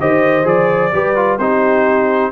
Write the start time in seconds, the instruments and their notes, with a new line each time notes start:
0.00 tuba D#3, trombone G4, horn C5, trumpet D#5
0.44 tuba F3, trombone G#4, trumpet D5
0.93 tuba G3, trombone G4, horn B4
1.15 trombone F4
1.38 tuba C4, trombone D#4, horn G4, trumpet C5